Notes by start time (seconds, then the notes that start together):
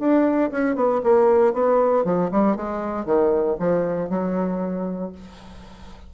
0.00 D4
0.51 C#4
0.76 B3
1.04 A#3
1.54 B3
2.05 F3
2.32 G3
2.56 G#3
3.06 D#3
3.60 F3
4.10 F#3